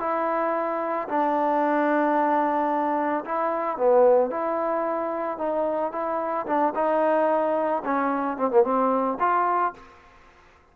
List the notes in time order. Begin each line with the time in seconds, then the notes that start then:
0.00 E4
1.09 D4
3.25 E4
3.77 B3
4.31 E4
5.38 D#4
5.92 E4
6.47 D4
6.75 D#4
7.85 C#4
8.37 C4
8.51 A#3
8.64 C4
9.20 F4